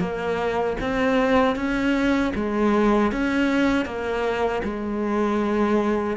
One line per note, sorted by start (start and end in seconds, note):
0.00 0.77 A#3
0.81 1.56 C4
1.56 2.33 C#4
2.35 3.12 G#3
3.12 3.86 C#4
3.86 4.63 A#3
4.64 6.17 G#3